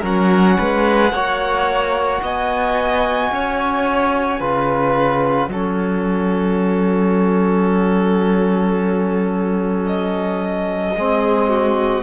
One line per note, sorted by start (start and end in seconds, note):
0.00 0.58 F#3
0.00 1.11 C#4
0.00 0.55 A#4
0.06 2.24 F#5
0.58 1.13 G#3
0.58 1.13 B4
1.13 2.22 A#3
1.13 4.40 F#4
1.13 2.22 C#5
2.22 3.31 B3
2.22 3.32 D#5
2.22 4.97 G#5
3.32 4.41 C#4
3.32 4.40 C#5
4.40 5.49 C#3
4.40 5.50 F4
4.40 5.50 B4
4.97 9.87 F#5
5.49 10.94 F#3
5.49 10.96 C#4
5.49 10.97 A4
9.87 12.03 D#5
10.97 12.03 G#3
10.97 12.03 C4
10.97 11.50 G#4
11.50 12.03 F#4